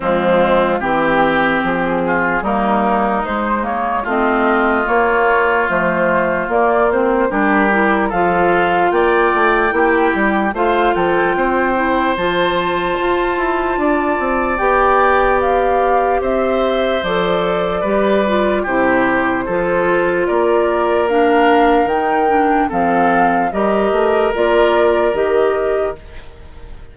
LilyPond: <<
  \new Staff \with { instrumentName = "flute" } { \time 4/4 \tempo 4 = 74 f'4 g'4 gis'4 ais'4 | c''8 cis''8 dis''4 cis''4 c''4 | d''8 c''8 ais'4 f''4 g''4~ | g''4 f''8 g''4. a''4~ |
a''2 g''4 f''4 | e''4 d''2 c''4~ | c''4 d''4 f''4 g''4 | f''4 dis''4 d''4 dis''4 | }
  \new Staff \with { instrumentName = "oboe" } { \time 4/4 c'4 g'4. f'8 dis'4~ | dis'4 f'2.~ | f'4 g'4 a'4 d''4 | g'4 c''8 a'8 c''2~ |
c''4 d''2. | c''2 b'4 g'4 | a'4 ais'2. | a'4 ais'2. | }
  \new Staff \with { instrumentName = "clarinet" } { \time 4/4 gis4 c'2 ais4 | gis8 ais8 c'4 ais4 a4 | ais8 c'8 d'8 e'8 f'2 | e'4 f'4. e'8 f'4~ |
f'2 g'2~ | g'4 a'4 g'8 f'8 e'4 | f'2 d'4 dis'8 d'8 | c'4 g'4 f'4 g'4 | }
  \new Staff \with { instrumentName = "bassoon" } { \time 4/4 f4 e4 f4 g4 | gis4 a4 ais4 f4 | ais4 g4 f4 ais8 a8 | ais8 g8 a8 f8 c'4 f4 |
f'8 e'8 d'8 c'8 b2 | c'4 f4 g4 c4 | f4 ais2 dis4 | f4 g8 a8 ais4 dis4 | }
>>